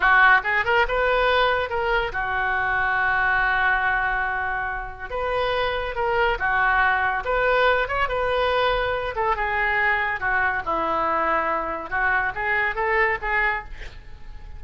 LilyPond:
\new Staff \with { instrumentName = "oboe" } { \time 4/4 \tempo 4 = 141 fis'4 gis'8 ais'8 b'2 | ais'4 fis'2.~ | fis'1 | b'2 ais'4 fis'4~ |
fis'4 b'4. cis''8 b'4~ | b'4. a'8 gis'2 | fis'4 e'2. | fis'4 gis'4 a'4 gis'4 | }